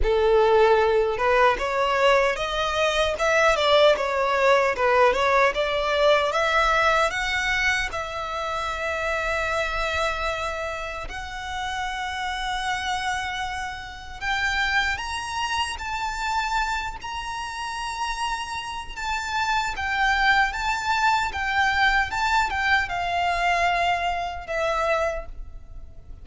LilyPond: \new Staff \with { instrumentName = "violin" } { \time 4/4 \tempo 4 = 76 a'4. b'8 cis''4 dis''4 | e''8 d''8 cis''4 b'8 cis''8 d''4 | e''4 fis''4 e''2~ | e''2 fis''2~ |
fis''2 g''4 ais''4 | a''4. ais''2~ ais''8 | a''4 g''4 a''4 g''4 | a''8 g''8 f''2 e''4 | }